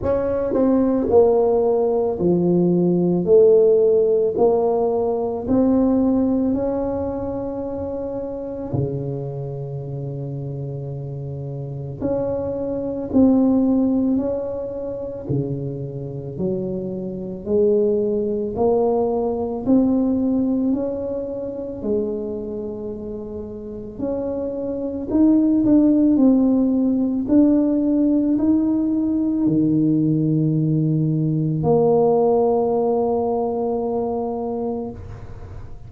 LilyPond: \new Staff \with { instrumentName = "tuba" } { \time 4/4 \tempo 4 = 55 cis'8 c'8 ais4 f4 a4 | ais4 c'4 cis'2 | cis2. cis'4 | c'4 cis'4 cis4 fis4 |
gis4 ais4 c'4 cis'4 | gis2 cis'4 dis'8 d'8 | c'4 d'4 dis'4 dis4~ | dis4 ais2. | }